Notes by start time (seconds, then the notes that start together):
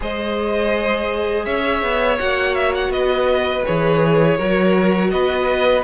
0.00 G#3 G#4 C5 D#5
1.45 C#4 C#5 E5
1.82 B3
2.18 A#3 F#4 F#5
2.54 E5
2.75 F#5
2.89 B3 B4 D#5
3.65 E3 G#4 C#5
4.37 F#3 F#4 A#4
5.10 B3 B4 D#5